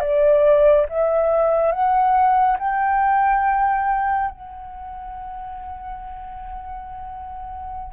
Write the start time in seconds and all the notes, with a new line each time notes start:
0.00 D5
0.89 E5
1.71 F#5
2.59 G5
4.30 F#5